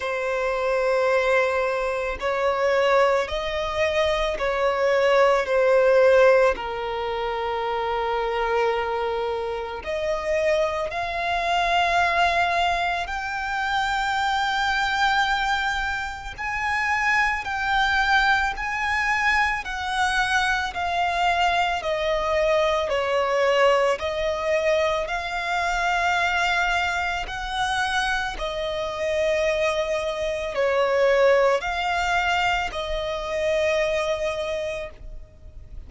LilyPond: \new Staff \with { instrumentName = "violin" } { \time 4/4 \tempo 4 = 55 c''2 cis''4 dis''4 | cis''4 c''4 ais'2~ | ais'4 dis''4 f''2 | g''2. gis''4 |
g''4 gis''4 fis''4 f''4 | dis''4 cis''4 dis''4 f''4~ | f''4 fis''4 dis''2 | cis''4 f''4 dis''2 | }